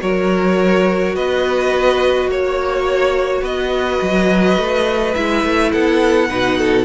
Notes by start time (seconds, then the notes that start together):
0.00 F#3 F#4 A#4 C#5
1.15 B3 B4 D#5
2.27 A#3 C#5
3.42 B3 B4 D#5
4.02 F#3
4.57 A3
5.15 G#3 E4 E5
5.44 A3
5.72 B3 A4 F#5
6.29 B2 D#4 B4
6.58 A4